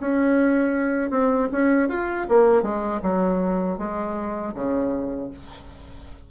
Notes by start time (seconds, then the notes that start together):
0.00 C#4
1.10 C4
1.52 C#4
1.89 F4
2.29 A#3
2.63 G#3
3.02 F#3
3.78 G#3
4.55 C#3